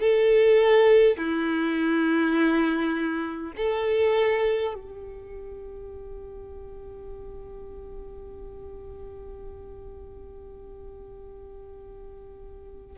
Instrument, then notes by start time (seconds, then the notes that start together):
violin
0.00 A4
1.18 E4
3.57 A4
4.74 G4